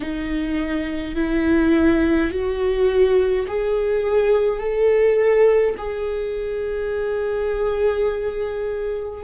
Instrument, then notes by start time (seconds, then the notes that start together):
viola
0.00 D#4
1.15 E4
2.31 F#4
3.47 G#4
4.59 A4
5.77 G#4